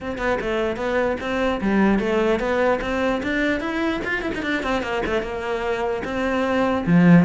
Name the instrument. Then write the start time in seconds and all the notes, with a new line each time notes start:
cello
0.01 C4
0.18 B3
0.40 A3
0.76 B3
1.20 C4
1.61 G3
1.99 A3
2.39 B3
2.81 C4
3.22 D4
3.60 E4
4.04 F4
4.21 E4
4.34 D#4
4.42 D4
4.62 C4
4.82 A#3
5.05 A3
5.22 A#3
6.04 C4
6.86 F3